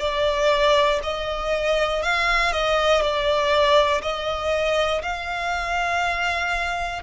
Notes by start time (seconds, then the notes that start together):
0.00 D5
1.03 D#5
2.02 F5
2.52 D#5
3.01 D5
4.02 D#5
5.02 F5